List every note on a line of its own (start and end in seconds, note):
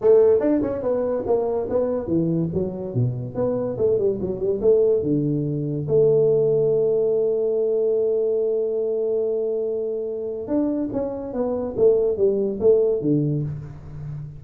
0.01 0.40 A3
0.40 0.61 D4
0.61 0.82 C#4
0.82 1.24 B3
1.26 1.68 A#3
1.69 2.07 B3
2.07 2.49 E3
2.53 2.94 F#3
2.94 3.35 B2
3.35 3.76 B3
3.77 3.98 A3
3.98 4.19 G3
4.21 4.39 F#3
4.39 4.60 G3
4.61 5.02 A3
5.02 5.86 D3
5.88 10.47 A3
10.47 10.89 D4
10.92 11.33 C#4
11.33 11.75 B3
11.76 12.17 A3
12.17 12.59 G3
12.60 13.01 A3
13.01 13.43 D3